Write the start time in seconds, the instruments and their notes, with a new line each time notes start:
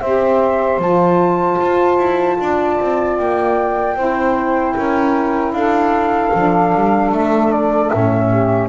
0.00 double bass C4, saxophone G4 C5, flute E5
0.78 double bass F3, saxophone F4, flute A5
1.60 double bass F4
1.98 double bass E4
2.40 double bass D4, saxophone D5
2.80 double bass C4
3.17 double bass A#3, flute G5
3.95 double bass C4, saxophone E4 C5
4.76 double bass C#4, saxophone A#4
5.52 double bass D4, saxophone A4, flute F5
6.34 double bass F3, saxophone D4
6.74 double bass G3
7.12 double bass A3, flute E5
7.51 flute D5
7.89 double bass A2, saxophone C#4, flute E5
8.29 saxophone G4